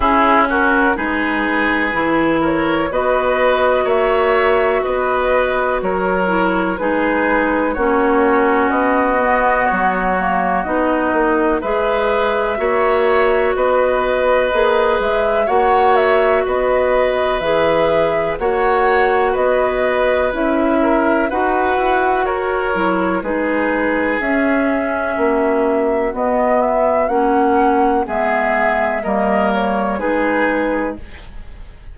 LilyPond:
<<
  \new Staff \with { instrumentName = "flute" } { \time 4/4 \tempo 4 = 62 gis'8 ais'8 b'4. cis''8 dis''4 | e''4 dis''4 cis''4 b'4 | cis''4 dis''4 cis''4 dis''4 | e''2 dis''4. e''8 |
fis''8 e''8 dis''4 e''4 fis''4 | dis''4 e''4 fis''4 cis''4 | b'4 e''2 dis''8 e''8 | fis''4 e''4 dis''8 cis''8 b'4 | }
  \new Staff \with { instrumentName = "oboe" } { \time 4/4 e'8 fis'8 gis'4. ais'8 b'4 | cis''4 b'4 ais'4 gis'4 | fis'1 | b'4 cis''4 b'2 |
cis''4 b'2 cis''4 | b'4. ais'8 b'4 ais'4 | gis'2 fis'2~ | fis'4 gis'4 ais'4 gis'4 | }
  \new Staff \with { instrumentName = "clarinet" } { \time 4/4 cis'4 dis'4 e'4 fis'4~ | fis'2~ fis'8 e'8 dis'4 | cis'4. b4 ais8 dis'4 | gis'4 fis'2 gis'4 |
fis'2 gis'4 fis'4~ | fis'4 e'4 fis'4. e'8 | dis'4 cis'2 b4 | cis'4 b4 ais4 dis'4 | }
  \new Staff \with { instrumentName = "bassoon" } { \time 4/4 cis'4 gis4 e4 b4 | ais4 b4 fis4 gis4 | ais4 b4 fis4 b8 ais8 | gis4 ais4 b4 ais8 gis8 |
ais4 b4 e4 ais4 | b4 cis'4 dis'8 e'8 fis'8 fis8 | gis4 cis'4 ais4 b4 | ais4 gis4 g4 gis4 | }
>>